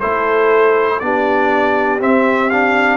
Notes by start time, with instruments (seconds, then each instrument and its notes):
0.00 tuba A3, trombone E4, horn A4, trumpet C5
1.00 tuba B3, trombone D4, horn G4, trumpet D5
2.00 trombone C4, tuba C4, trumpet E5
2.50 trombone D4, trumpet F5